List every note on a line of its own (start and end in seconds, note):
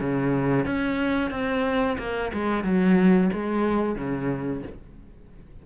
0.00 0.66 C#3
0.66 1.30 C#4
1.30 1.97 C4
1.98 2.31 A#3
2.33 2.63 G#3
2.63 3.30 F#3
3.33 3.96 G#3
3.96 4.62 C#3